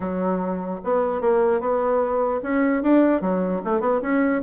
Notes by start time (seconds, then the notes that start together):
0.00 F#3
0.83 B3
1.21 A#3
1.60 B3
2.42 C#4
2.82 D4
3.21 F#3
3.64 A3
3.80 B3
4.01 C#4